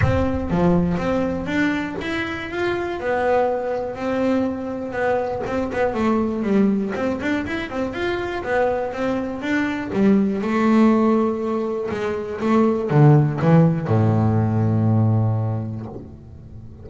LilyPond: \new Staff \with { instrumentName = "double bass" } { \time 4/4 \tempo 4 = 121 c'4 f4 c'4 d'4 | e'4 f'4 b2 | c'2 b4 c'8 b8 | a4 g4 c'8 d'8 e'8 c'8 |
f'4 b4 c'4 d'4 | g4 a2. | gis4 a4 d4 e4 | a,1 | }